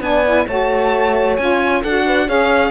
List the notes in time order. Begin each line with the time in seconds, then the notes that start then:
0.00 B3 D4 D5 G#5
0.24 E4
0.47 A3 F#4 C#5 A5
1.36 C#4 F4 G#5
1.82 D4 F#4 A4 F#5
2.06 B4
2.26 C#4 G#4 C#5 F5